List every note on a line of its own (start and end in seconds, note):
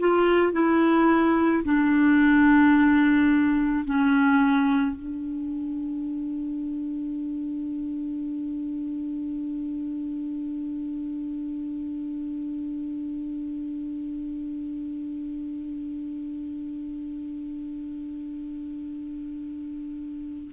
0.00 0.53 F4
0.53 1.64 E4
1.65 3.85 D4
3.85 4.96 C#4
4.96 20.52 D4